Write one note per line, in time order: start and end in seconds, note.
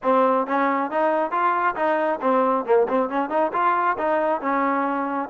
0.02 0.46 C4
0.46 0.90 C#4
0.90 1.31 D#4
1.31 1.75 F4
1.75 2.19 D#4
2.21 2.65 C4
2.65 2.87 A#3
2.88 3.09 C4
3.09 3.29 C#4
3.29 3.51 D#4
3.52 3.96 F4
3.97 4.41 D#4
4.41 5.29 C#4